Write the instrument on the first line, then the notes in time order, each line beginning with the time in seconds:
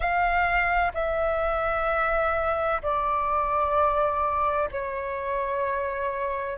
flute
0.00 F5
0.94 E5
2.82 D5
4.71 C#5